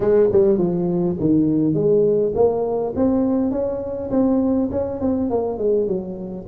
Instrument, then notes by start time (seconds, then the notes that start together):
tuba
0.00 G#3
0.32 G3
0.57 F3
1.19 D#3
1.74 G#3
2.34 A#3
2.95 C4
3.51 C#4
4.10 C4
4.71 C#4
5.00 C4
5.30 A#3
5.57 G#3
5.87 F#3